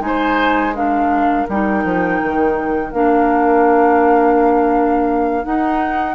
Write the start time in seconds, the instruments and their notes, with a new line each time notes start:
0.00 bassoon G#3, clarinet D#4, flute G#5
0.06 oboe C5
0.75 clarinet D4, oboe A#4, flute F5
1.49 bassoon G3, clarinet D#4, flute G5
1.84 bassoon F3
2.23 bassoon D#3
2.92 bassoon A#3, clarinet D4, flute F5
5.44 clarinet D#4, bassoon D#4, flute F#5